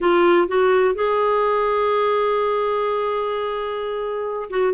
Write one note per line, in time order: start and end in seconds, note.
0.00 0.47 F4
0.47 0.94 F#4
0.94 4.49 G#4
4.50 4.73 F#4